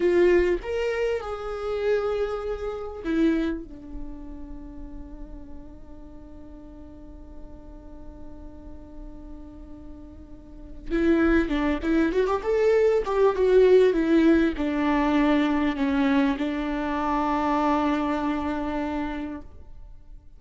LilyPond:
\new Staff \with { instrumentName = "viola" } { \time 4/4 \tempo 4 = 99 f'4 ais'4 gis'2~ | gis'4 e'4 d'2~ | d'1~ | d'1~ |
d'2 e'4 d'8 e'8 | fis'16 g'16 a'4 g'8 fis'4 e'4 | d'2 cis'4 d'4~ | d'1 | }